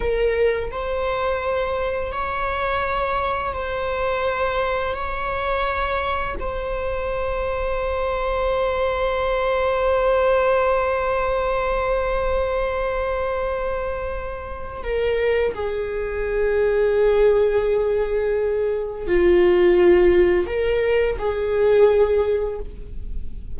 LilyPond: \new Staff \with { instrumentName = "viola" } { \time 4/4 \tempo 4 = 85 ais'4 c''2 cis''4~ | cis''4 c''2 cis''4~ | cis''4 c''2.~ | c''1~ |
c''1~ | c''4 ais'4 gis'2~ | gis'2. f'4~ | f'4 ais'4 gis'2 | }